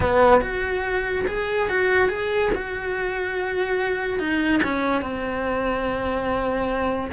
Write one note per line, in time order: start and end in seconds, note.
0.00 0.41 B3
0.41 1.25 F#4
1.27 1.69 G#4
1.69 2.08 F#4
2.08 2.50 G#4
2.54 4.19 F#4
4.19 4.61 D#4
4.63 5.01 C#4
5.01 7.11 C4